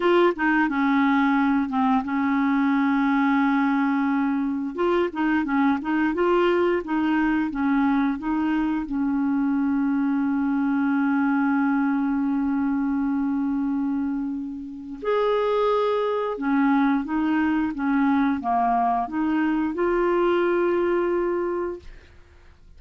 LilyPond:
\new Staff \with { instrumentName = "clarinet" } { \time 4/4 \tempo 4 = 88 f'8 dis'8 cis'4. c'8 cis'4~ | cis'2. f'8 dis'8 | cis'8 dis'8 f'4 dis'4 cis'4 | dis'4 cis'2.~ |
cis'1~ | cis'2 gis'2 | cis'4 dis'4 cis'4 ais4 | dis'4 f'2. | }